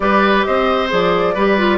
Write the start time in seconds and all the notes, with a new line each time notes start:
0.00 G3 G4 B4 D5
0.44 C4 C5 D#5
0.88 F3 G#4 D5
1.34 G3 G4 B4
1.58 F4